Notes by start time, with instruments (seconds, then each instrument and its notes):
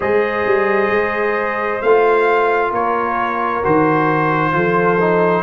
0.00 tuba G#3, trombone G#4, horn C5, trumpet D#5
0.46 tuba G3
0.90 tuba G#3
1.81 tuba A3, trombone F4, trumpet F5
2.71 tuba A#3, horn A#4, trumpet C#5
3.63 tuba D#3, trombone F#4, trumpet C5
4.52 tuba F3, trombone F4, horn A4
5.00 trombone D#4